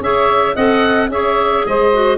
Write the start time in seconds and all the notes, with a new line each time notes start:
0.00 C#4 G#4 C#5 E5
0.55 C4 A4 D#5 F#5
1.09 C#4 G#4 C#5 E5
1.66 G#3 C5 D#5
1.93 F#4